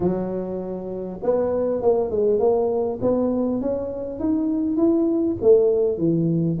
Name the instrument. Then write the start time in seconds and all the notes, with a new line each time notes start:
tuba
0.00 F#3
1.22 B3
1.82 A#3
2.10 G#3
2.39 A#3
3.01 B3
3.61 C#4
4.19 D#4
4.76 E4
5.41 A3
5.98 E3